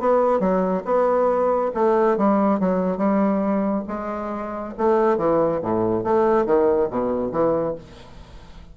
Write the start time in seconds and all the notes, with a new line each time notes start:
0.00 B3
0.40 F#3
0.85 B3
1.74 A3
2.18 G3
2.60 F#3
2.98 G3
3.88 G#3
4.78 A3
5.18 E3
5.63 A2
6.04 A3
6.46 D#3
6.91 B2
7.32 E3